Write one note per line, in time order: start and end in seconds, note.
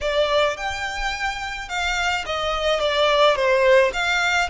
0.01 0.56 D5
0.56 1.68 G5
1.68 2.25 F5
2.26 2.79 D#5
2.79 3.35 D5
3.35 3.91 C5
3.93 4.49 F5